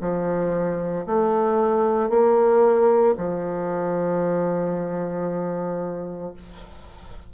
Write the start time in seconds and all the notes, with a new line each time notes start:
0.00 F3
1.06 A3
2.09 A#3
3.17 F3